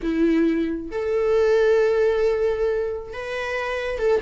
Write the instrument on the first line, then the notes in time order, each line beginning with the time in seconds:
viola
0.02 E4
0.91 A4
3.13 B4
3.98 A4